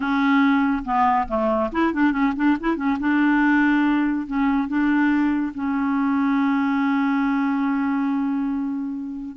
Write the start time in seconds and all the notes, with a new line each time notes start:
0.00 C#4
0.85 B3
1.28 A3
1.72 E4
1.93 D4
2.12 C#4
2.35 D4
2.60 E4
2.76 C#4
2.99 D4
4.26 C#4
4.68 D4
5.54 C#4